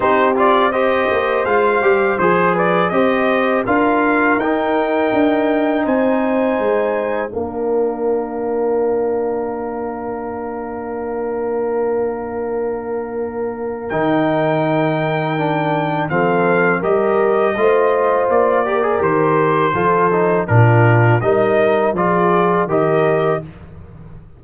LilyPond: <<
  \new Staff \with { instrumentName = "trumpet" } { \time 4/4 \tempo 4 = 82 c''8 d''8 dis''4 f''4 c''8 d''8 | dis''4 f''4 g''2 | gis''2 f''2~ | f''1~ |
f''2. g''4~ | g''2 f''4 dis''4~ | dis''4 d''4 c''2 | ais'4 dis''4 d''4 dis''4 | }
  \new Staff \with { instrumentName = "horn" } { \time 4/4 g'4 c''2~ c''8 b'8 | c''4 ais'2. | c''2 ais'2~ | ais'1~ |
ais'1~ | ais'2 a'4 ais'4 | c''4. ais'4. a'4 | f'4 ais'4 gis'4 ais'4 | }
  \new Staff \with { instrumentName = "trombone" } { \time 4/4 dis'8 f'8 g'4 f'8 g'8 gis'4 | g'4 f'4 dis'2~ | dis'2 d'2~ | d'1~ |
d'2. dis'4~ | dis'4 d'4 c'4 g'4 | f'4. g'16 gis'16 g'4 f'8 dis'8 | d'4 dis'4 f'4 g'4 | }
  \new Staff \with { instrumentName = "tuba" } { \time 4/4 c'4. ais8 gis8 g8 f4 | c'4 d'4 dis'4 d'4 | c'4 gis4 ais2~ | ais1~ |
ais2. dis4~ | dis2 f4 g4 | a4 ais4 dis4 f4 | ais,4 g4 f4 dis4 | }
>>